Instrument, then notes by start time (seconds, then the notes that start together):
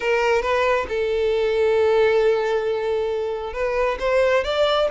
violin
0.00 A#4
0.41 B4
0.88 A4
3.53 B4
3.99 C5
4.44 D5